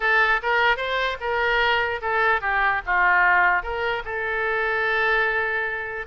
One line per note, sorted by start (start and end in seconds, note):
0.00 0.40 A4
0.42 0.76 A#4
0.76 1.17 C5
1.20 2.00 A#4
2.01 2.41 A4
2.41 2.81 G4
2.85 3.62 F4
3.62 4.03 A#4
4.05 6.06 A4